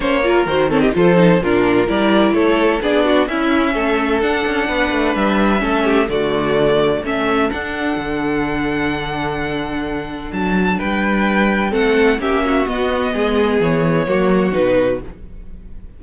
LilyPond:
<<
  \new Staff \with { instrumentName = "violin" } { \time 4/4 \tempo 4 = 128 cis''4 c''8 cis''16 dis''16 c''4 ais'4 | d''4 cis''4 d''4 e''4~ | e''4 fis''2 e''4~ | e''4 d''2 e''4 |
fis''1~ | fis''2 a''4 g''4~ | g''4 fis''4 e''4 dis''4~ | dis''4 cis''2 b'4 | }
  \new Staff \with { instrumentName = "violin" } { \time 4/4 c''8 ais'4 a'16 g'16 a'4 f'4 | ais'4 a'4 gis'8 fis'8 e'4 | a'2 b'2 | a'8 g'8 fis'2 a'4~ |
a'1~ | a'2. b'4~ | b'4 a'4 g'8 fis'4. | gis'2 fis'2 | }
  \new Staff \with { instrumentName = "viola" } { \time 4/4 cis'8 f'8 fis'8 c'8 f'8 dis'8 d'4 | e'2 d'4 cis'4~ | cis'4 d'2. | cis'4 a2 cis'4 |
d'1~ | d'1~ | d'4 c'4 cis'4 b4~ | b2 ais4 dis'4 | }
  \new Staff \with { instrumentName = "cello" } { \time 4/4 ais4 dis4 f4 ais,4 | g4 a4 b4 cis'4 | a4 d'8 cis'8 b8 a8 g4 | a4 d2 a4 |
d'4 d2.~ | d2 fis4 g4~ | g4 a4 ais4 b4 | gis4 e4 fis4 b,4 | }
>>